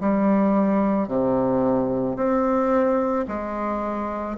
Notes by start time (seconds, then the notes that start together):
0.00 G3
1.08 C3
2.16 C4
3.28 G#3